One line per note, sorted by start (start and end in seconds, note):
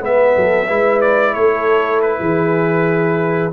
0.00 0.35 G#3
0.00 0.67 B3
0.00 0.34 B4
0.00 1.01 E5
0.36 0.69 F#3
0.36 0.66 A4
0.66 1.35 G#3
0.66 3.51 E4
0.66 1.33 B4
1.01 1.34 D5
1.34 2.18 A3
1.34 2.19 A4
1.34 2.00 C#5
2.01 3.51 B4
2.19 3.52 E3
2.19 3.52 G#4